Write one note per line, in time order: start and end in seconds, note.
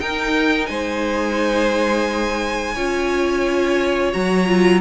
0.00 2.76 D#4
0.00 0.70 D#4
0.00 0.70 A#4
0.00 0.67 G5
0.67 2.77 G#3
0.67 2.75 C5
0.67 4.12 G#5
2.75 4.15 C#4
2.75 4.13 F4
2.75 4.81 C#5
4.13 4.81 F#3
4.13 4.47 F#4
4.13 4.81 A#5
4.47 4.81 F4